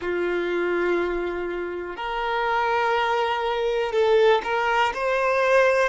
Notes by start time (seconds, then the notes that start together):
0.00 F4
1.96 A#4
3.92 A4
4.43 A#4
4.94 C5